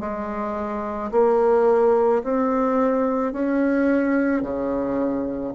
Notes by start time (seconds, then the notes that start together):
0.00 G#3
1.11 A#3
2.23 C4
3.32 C#4
4.42 C#3